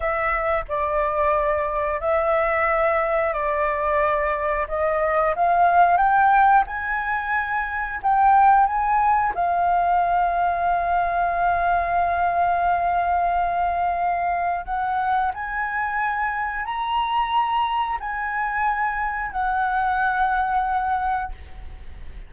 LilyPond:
\new Staff \with { instrumentName = "flute" } { \time 4/4 \tempo 4 = 90 e''4 d''2 e''4~ | e''4 d''2 dis''4 | f''4 g''4 gis''2 | g''4 gis''4 f''2~ |
f''1~ | f''2 fis''4 gis''4~ | gis''4 ais''2 gis''4~ | gis''4 fis''2. | }